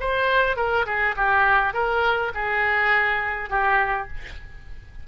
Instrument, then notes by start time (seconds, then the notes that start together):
oboe
0.00 C5
0.56 A#4
0.86 G#4
1.16 G4
1.73 A#4
2.34 G#4
3.49 G4